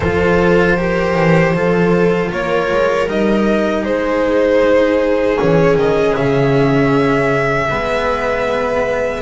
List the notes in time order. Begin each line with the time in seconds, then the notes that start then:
0.00 F3 F4 A4 C5
0.77 G4 A#4
1.14 E3
1.53 F3 F4 A4
2.30 A#3 A#4 C#5
2.71 G#3
3.07 G3 D#4 D#5
3.82 G#3 G#4 C5
5.37 E3 C#4 C#5
5.75 D#3 D#5
6.16 C#3 E5
7.69 G#3 B3 B4